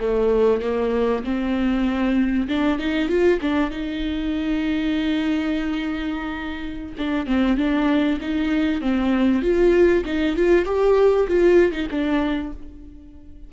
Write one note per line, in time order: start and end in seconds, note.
0.00 0.62 A3
0.62 1.24 A#3
1.24 2.48 C4
2.48 2.79 D4
2.79 3.09 D#4
3.09 3.40 F4
3.41 3.71 D4
3.71 6.96 D#4
6.98 7.27 D4
7.27 7.57 C4
7.57 8.19 D4
8.21 8.81 D#4
8.81 9.42 C4
9.42 10.04 F4
10.05 10.36 D#4
10.36 10.66 F4
10.66 11.27 G4
11.28 11.72 F4
11.72 11.88 D#4
11.91 12.53 D4